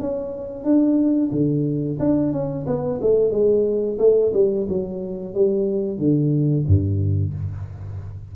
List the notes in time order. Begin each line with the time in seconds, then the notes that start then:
0.00 C#4
0.65 D4
1.32 D3
2.00 D4
2.33 C#4
2.67 B3
3.02 A3
3.32 G#3
3.99 A3
4.34 G3
4.69 F#3
5.35 G3
5.98 D3
6.68 G2